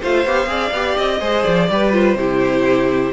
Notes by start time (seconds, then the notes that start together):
0.00 A3 F4 C5 F5
0.24 B3 G4
0.46 C4 G#4 D5
0.71 B3 G4
0.97 C4 D#5
1.19 G#3 G#4 C5
1.43 F3 D5
1.70 G3 G4 B4
1.92 F4 C5
2.15 C3 E4 G4